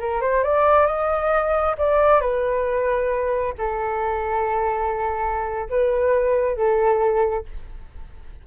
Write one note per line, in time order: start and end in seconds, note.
0.00 0.21 A#4
0.21 0.44 C5
0.44 0.87 D5
0.87 1.76 D#5
1.78 2.21 D5
2.21 3.54 B4
3.58 5.69 A4
5.70 6.57 B4
6.57 7.46 A4